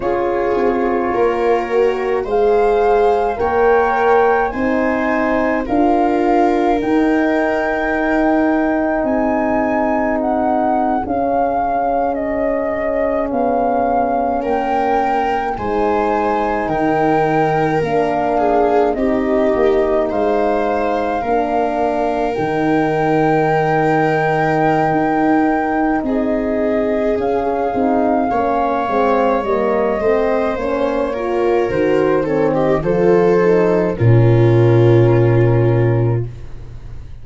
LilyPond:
<<
  \new Staff \with { instrumentName = "flute" } { \time 4/4 \tempo 4 = 53 cis''2 f''4 g''4 | gis''4 f''4 g''2 | gis''4 fis''8. f''4 dis''4 f''16~ | f''8. g''4 gis''4 g''4 f''16~ |
f''8. dis''4 f''2 g''16~ | g''2. dis''4 | f''2 dis''4 cis''4 | c''8 cis''16 dis''16 c''4 ais'2 | }
  \new Staff \with { instrumentName = "viola" } { \time 4/4 gis'4 ais'4 c''4 cis''4 | c''4 ais'2. | gis'1~ | gis'8. ais'4 c''4 ais'4~ ais'16~ |
ais'16 gis'8 g'4 c''4 ais'4~ ais'16~ | ais'2. gis'4~ | gis'4 cis''4. c''4 ais'8~ | ais'8 a'16 g'16 a'4 f'2 | }
  \new Staff \with { instrumentName = "horn" } { \time 4/4 f'4. fis'8 gis'4 ais'4 | dis'4 f'4 dis'2~ | dis'4.~ dis'16 cis'2~ cis'16~ | cis'4.~ cis'16 dis'2 d'16~ |
d'8. dis'2 d'4 dis'16~ | dis'1 | cis'8 dis'8 cis'8 c'8 ais8 c'8 cis'8 f'8 | fis'8 c'8 f'8 dis'8 cis'2 | }
  \new Staff \with { instrumentName = "tuba" } { \time 4/4 cis'8 c'8 ais4 gis4 ais4 | c'4 d'4 dis'2 | c'4.~ c'16 cis'2 b16~ | b8. ais4 gis4 dis4 ais16~ |
ais8. c'8 ais8 gis4 ais4 dis16~ | dis2 dis'4 c'4 | cis'8 c'8 ais8 gis8 g8 a8 ais4 | dis4 f4 ais,2 | }
>>